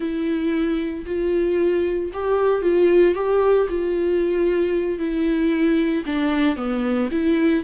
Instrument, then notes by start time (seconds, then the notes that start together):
viola
0.00 E4
1.06 F4
2.13 G4
2.62 F4
3.14 G4
3.69 F4
4.98 E4
6.06 D4
6.56 B3
7.11 E4